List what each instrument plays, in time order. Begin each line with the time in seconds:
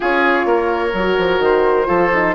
0.00 bassoon C#4, horn F4, oboe G#4, flute C#5
0.45 bassoon A#3, oboe A#4
0.93 bassoon F#3, horn F#4
1.17 bassoon F3
1.39 bassoon D#3, flute C5
1.86 bassoon F3, horn F4, oboe A4
2.13 horn D#4